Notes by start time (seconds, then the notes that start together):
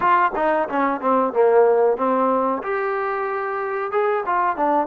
0.00 F4
0.35 D#4
0.68 C#4
1.00 C4
1.33 A#3
1.97 C4
2.63 G4
3.91 G#4
4.25 F4
4.56 D4